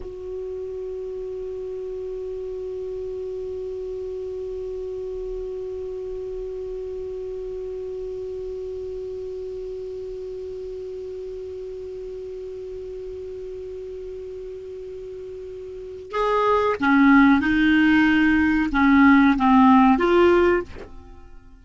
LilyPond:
\new Staff \with { instrumentName = "clarinet" } { \time 4/4 \tempo 4 = 93 fis'1~ | fis'1~ | fis'1~ | fis'1~ |
fis'1~ | fis'1~ | fis'4 gis'4 cis'4 dis'4~ | dis'4 cis'4 c'4 f'4 | }